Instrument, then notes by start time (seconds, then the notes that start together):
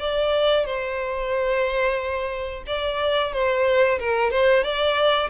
violin
0.00 D5
0.66 C5
2.67 D5
3.33 C5
4.00 A#4
4.31 C5
4.64 D5